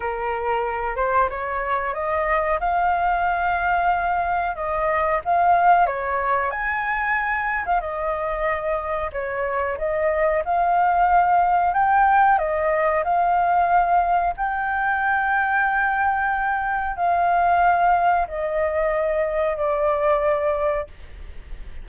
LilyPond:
\new Staff \with { instrumentName = "flute" } { \time 4/4 \tempo 4 = 92 ais'4. c''8 cis''4 dis''4 | f''2. dis''4 | f''4 cis''4 gis''4.~ gis''16 f''16 | dis''2 cis''4 dis''4 |
f''2 g''4 dis''4 | f''2 g''2~ | g''2 f''2 | dis''2 d''2 | }